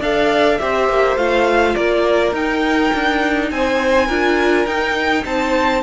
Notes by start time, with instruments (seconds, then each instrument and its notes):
0.00 cello D4, viola A4, violin D5 F5
0.59 cello C4, viola G4, violin C5 E5
0.89 cello A#3
1.17 cello A3, viola F4, violin F5
1.75 cello A#3, violin A#4 D5
2.32 cello D#4, viola D#4, violin G5
2.94 cello D4
3.51 cello C4, violin C5 G#5
4.07 cello D4, viola F4, violin A#4
4.66 cello D#4, viola D#4, violin G5
5.25 cello C4, violin C5 A5